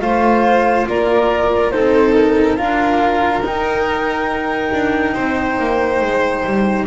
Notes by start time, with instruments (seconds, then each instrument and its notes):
0.00 double bass A3, cello F4, violin C5, flute F5
0.86 double bass A#3, violin A#4, flute D5
1.71 double bass C4, cello D#4, violin A4, flute C5
2.14 flute A#4
2.56 double bass D4, cello F4, violin A#4, flute F5
3.41 double bass D#4, cello D#4, flute G5
4.72 double bass D4
5.14 double bass C4, violin C5
5.59 double bass A#3
6.01 double bass G#3
6.44 double bass G3